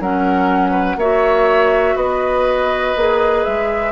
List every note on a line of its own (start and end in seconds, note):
0.00 0.96 F#3
0.00 0.99 C#4
0.00 0.71 A#4
0.00 1.00 F#5
0.71 0.95 B4
0.96 1.95 A#3
0.96 2.97 F#4
0.96 1.95 C#5
0.96 1.97 E5
1.95 2.94 B3
1.95 3.92 B4
1.95 3.44 D#5
2.96 3.45 A#3
2.96 3.92 G#4
3.44 3.92 G#3
3.44 3.92 E5